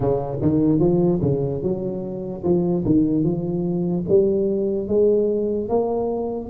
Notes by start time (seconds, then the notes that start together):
0.00 C#3
0.41 D#3
0.79 F3
1.22 C#3
1.62 F#3
2.43 F3
2.85 D#3
3.24 F3
4.08 G3
4.88 G#3
5.68 A#3